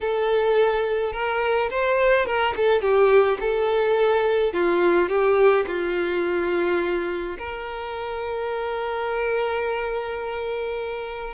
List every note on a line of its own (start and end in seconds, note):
0.00 1.12 A4
1.12 1.69 A#4
1.70 2.25 C5
2.25 2.54 A#4
2.56 2.81 A4
2.81 3.38 G4
3.40 4.53 A4
4.53 5.08 F4
5.08 5.65 G4
5.67 7.37 F4
7.38 11.34 A#4